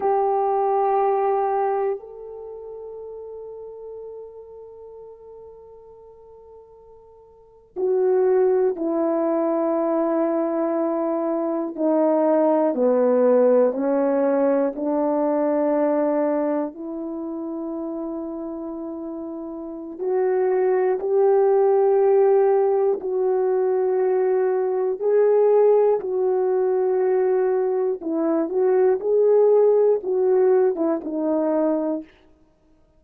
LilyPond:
\new Staff \with { instrumentName = "horn" } { \time 4/4 \tempo 4 = 60 g'2 a'2~ | a'2.~ a'8. fis'16~ | fis'8. e'2. dis'16~ | dis'8. b4 cis'4 d'4~ d'16~ |
d'8. e'2.~ e'16 | fis'4 g'2 fis'4~ | fis'4 gis'4 fis'2 | e'8 fis'8 gis'4 fis'8. e'16 dis'4 | }